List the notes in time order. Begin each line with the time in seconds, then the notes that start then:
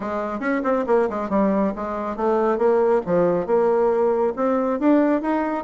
0.00 G#3
0.39 C#4
0.63 C4
0.87 A#3
1.09 G#3
1.29 G3
1.75 G#3
2.16 A3
2.58 A#3
3.06 F3
3.46 A#3
4.36 C4
4.79 D4
5.21 D#4